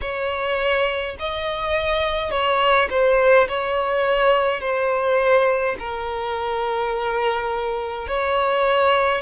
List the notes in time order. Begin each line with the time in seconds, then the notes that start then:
0.01 C#5
1.19 D#5
2.30 C#5
2.90 C5
3.48 C#5
4.60 C5
5.79 A#4
8.07 C#5